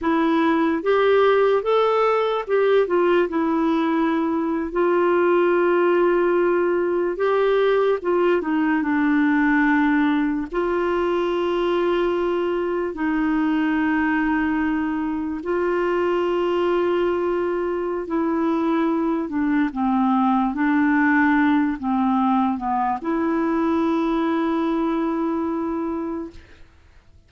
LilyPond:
\new Staff \with { instrumentName = "clarinet" } { \time 4/4 \tempo 4 = 73 e'4 g'4 a'4 g'8 f'8 | e'4.~ e'16 f'2~ f'16~ | f'8. g'4 f'8 dis'8 d'4~ d'16~ | d'8. f'2. dis'16~ |
dis'2~ dis'8. f'4~ f'16~ | f'2 e'4. d'8 | c'4 d'4. c'4 b8 | e'1 | }